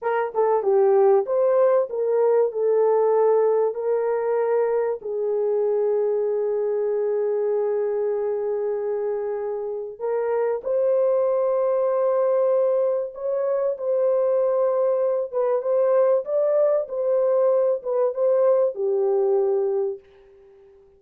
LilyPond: \new Staff \with { instrumentName = "horn" } { \time 4/4 \tempo 4 = 96 ais'8 a'8 g'4 c''4 ais'4 | a'2 ais'2 | gis'1~ | gis'1 |
ais'4 c''2.~ | c''4 cis''4 c''2~ | c''8 b'8 c''4 d''4 c''4~ | c''8 b'8 c''4 g'2 | }